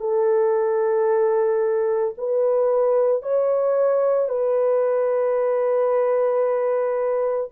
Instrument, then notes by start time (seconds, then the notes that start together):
horn
0.00 A4
2.18 B4
3.23 C#5
4.29 B4